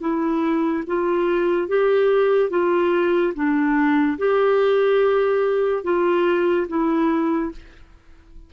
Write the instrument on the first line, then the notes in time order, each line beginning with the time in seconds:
clarinet
0.00 E4
0.86 F4
1.67 G4
2.50 F4
3.34 D4
4.18 G4
5.83 F4
6.68 E4